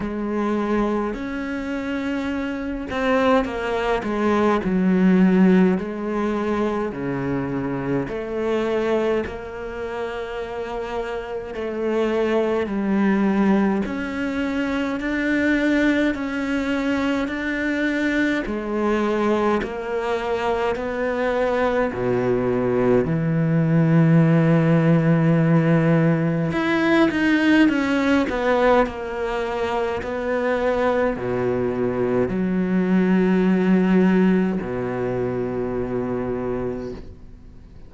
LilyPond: \new Staff \with { instrumentName = "cello" } { \time 4/4 \tempo 4 = 52 gis4 cis'4. c'8 ais8 gis8 | fis4 gis4 cis4 a4 | ais2 a4 g4 | cis'4 d'4 cis'4 d'4 |
gis4 ais4 b4 b,4 | e2. e'8 dis'8 | cis'8 b8 ais4 b4 b,4 | fis2 b,2 | }